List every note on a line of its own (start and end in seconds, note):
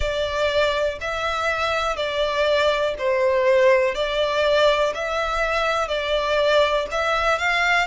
0.00 0.98 D5
1.01 1.96 E5
1.96 2.94 D5
2.98 3.94 C5
3.94 4.93 D5
4.94 5.87 E5
5.87 6.86 D5
6.91 7.38 E5
7.38 7.87 F5